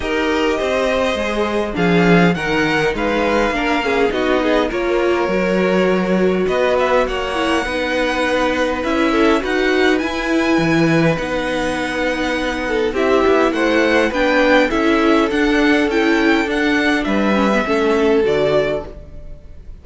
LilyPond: <<
  \new Staff \with { instrumentName = "violin" } { \time 4/4 \tempo 4 = 102 dis''2. f''4 | fis''4 f''2 dis''4 | cis''2. dis''8 e''8 | fis''2. e''4 |
fis''4 gis''2 fis''4~ | fis''2 e''4 fis''4 | g''4 e''4 fis''4 g''4 | fis''4 e''2 d''4 | }
  \new Staff \with { instrumentName = "violin" } { \time 4/4 ais'4 c''2 gis'4 | ais'4 b'4 ais'8 gis'8 fis'8 gis'8 | ais'2. b'4 | cis''4 b'2~ b'8 a'8 |
b'1~ | b'4. a'8 g'4 c''4 | b'4 a'2.~ | a'4 b'4 a'2 | }
  \new Staff \with { instrumentName = "viola" } { \time 4/4 g'2 gis'4 d'4 | dis'2 d'8 cis'8 dis'4 | f'4 fis'2.~ | fis'8 e'8 dis'2 e'4 |
fis'4 e'2 dis'4~ | dis'2 e'2 | d'4 e'4 d'4 e'4 | d'4. cis'16 b16 cis'4 fis'4 | }
  \new Staff \with { instrumentName = "cello" } { \time 4/4 dis'4 c'4 gis4 f4 | dis4 gis4 ais4 b4 | ais4 fis2 b4 | ais4 b2 cis'4 |
dis'4 e'4 e4 b4~ | b2 c'8 b8 a4 | b4 cis'4 d'4 cis'4 | d'4 g4 a4 d4 | }
>>